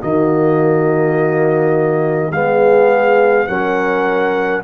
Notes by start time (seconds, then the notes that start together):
0.00 D#3 A#3 F#4 D#5
2.31 G#3 B3 G#4 F5
3.47 F#3 C#4 A#4 F#5